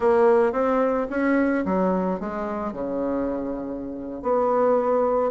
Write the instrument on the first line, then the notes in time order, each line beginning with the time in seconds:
bassoon
0.00 A#3
0.52 C4
1.10 C#4
1.65 F#3
2.19 G#3
2.72 C#3
4.22 B3